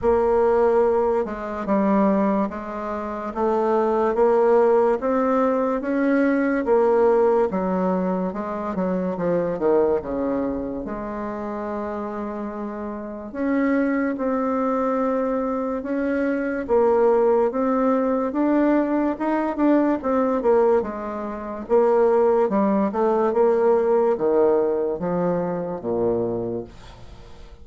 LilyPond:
\new Staff \with { instrumentName = "bassoon" } { \time 4/4 \tempo 4 = 72 ais4. gis8 g4 gis4 | a4 ais4 c'4 cis'4 | ais4 fis4 gis8 fis8 f8 dis8 | cis4 gis2. |
cis'4 c'2 cis'4 | ais4 c'4 d'4 dis'8 d'8 | c'8 ais8 gis4 ais4 g8 a8 | ais4 dis4 f4 ais,4 | }